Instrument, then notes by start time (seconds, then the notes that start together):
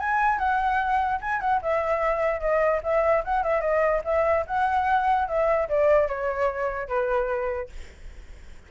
flute
0.00 G#5
0.39 F#5
1.22 G#5
1.41 F#5
1.62 E5
2.41 D#5
2.83 E5
3.25 F#5
3.43 E5
3.61 D#5
4.05 E5
4.47 F#5
5.28 E5
5.69 D5
6.08 C#5
6.89 B4